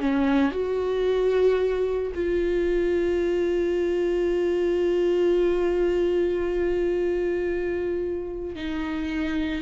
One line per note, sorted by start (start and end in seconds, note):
0.00 0.52 C#4
0.52 2.12 F#4
2.15 8.56 F4
8.56 9.62 D#4